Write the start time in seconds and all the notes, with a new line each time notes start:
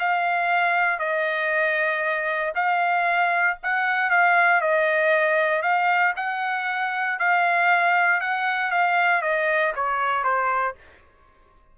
0.00 F5
1.00 D#5
2.55 F5
3.64 F#5
4.11 F5
4.62 D#5
5.63 F5
6.17 F#5
7.19 F5
8.21 F#5
8.71 F5
9.22 D#5
9.76 C#5
10.24 C5